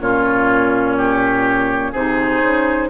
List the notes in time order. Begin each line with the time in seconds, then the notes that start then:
0.00 A#2 C#4 F4 C#5
0.97 G4
1.92 C3 D#4 G#4 C5
2.42 C#3